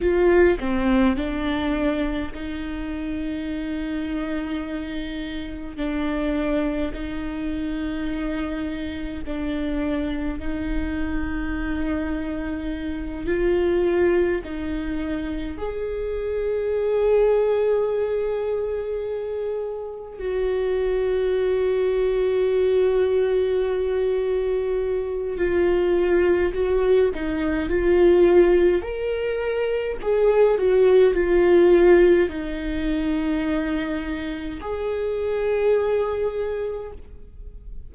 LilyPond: \new Staff \with { instrumentName = "viola" } { \time 4/4 \tempo 4 = 52 f'8 c'8 d'4 dis'2~ | dis'4 d'4 dis'2 | d'4 dis'2~ dis'8 f'8~ | f'8 dis'4 gis'2~ gis'8~ |
gis'4. fis'2~ fis'8~ | fis'2 f'4 fis'8 dis'8 | f'4 ais'4 gis'8 fis'8 f'4 | dis'2 gis'2 | }